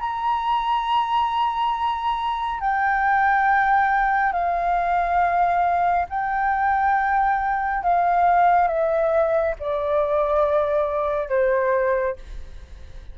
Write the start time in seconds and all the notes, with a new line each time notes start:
0.00 A#5
2.60 G5
4.32 F5
6.09 G5
7.83 F5
8.68 E5
9.60 D5
11.29 C5